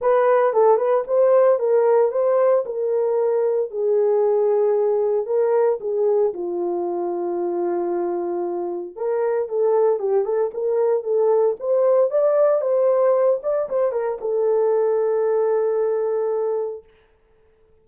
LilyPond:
\new Staff \with { instrumentName = "horn" } { \time 4/4 \tempo 4 = 114 b'4 a'8 b'8 c''4 ais'4 | c''4 ais'2 gis'4~ | gis'2 ais'4 gis'4 | f'1~ |
f'4 ais'4 a'4 g'8 a'8 | ais'4 a'4 c''4 d''4 | c''4. d''8 c''8 ais'8 a'4~ | a'1 | }